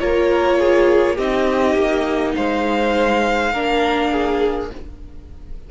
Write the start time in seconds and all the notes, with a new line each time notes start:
0.00 A#3 F4 A#4 C#5
0.59 G#4
1.16 C4 D#4 G4 D#5
1.75 A#3
2.36 G#3 C5 F5
3.53 A#3 D4 A#4
4.12 G#4